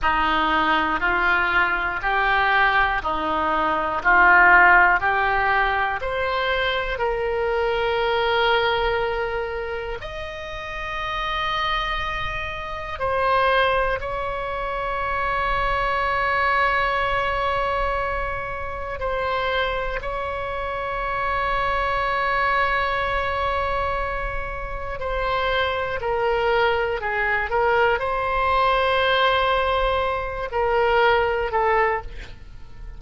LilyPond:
\new Staff \with { instrumentName = "oboe" } { \time 4/4 \tempo 4 = 60 dis'4 f'4 g'4 dis'4 | f'4 g'4 c''4 ais'4~ | ais'2 dis''2~ | dis''4 c''4 cis''2~ |
cis''2. c''4 | cis''1~ | cis''4 c''4 ais'4 gis'8 ais'8 | c''2~ c''8 ais'4 a'8 | }